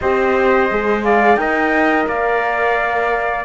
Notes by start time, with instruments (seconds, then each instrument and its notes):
0.00 cello C4, horn G4, trumpet C5, flute D#5
0.70 cello G#3, horn G#4
1.03 trumpet D5, flute F5
1.35 cello D#4, horn A#4, trumpet D#5, flute G5
2.08 cello A#3, trumpet D5, flute F5